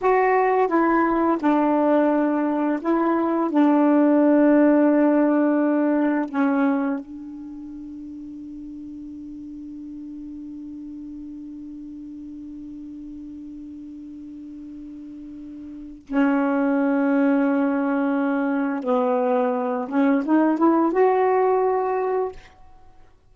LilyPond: \new Staff \with { instrumentName = "saxophone" } { \time 4/4 \tempo 4 = 86 fis'4 e'4 d'2 | e'4 d'2.~ | d'4 cis'4 d'2~ | d'1~ |
d'1~ | d'2. cis'4~ | cis'2. b4~ | b8 cis'8 dis'8 e'8 fis'2 | }